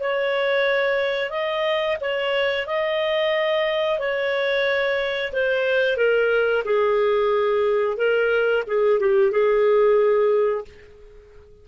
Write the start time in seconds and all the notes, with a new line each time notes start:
0.00 C#5
1.30 D#5
2.01 C#5
2.67 D#5
3.99 C#5
5.32 C5
5.97 A#4
6.65 G#4
7.97 A#4
8.67 G#4
9.00 G4
9.31 G#4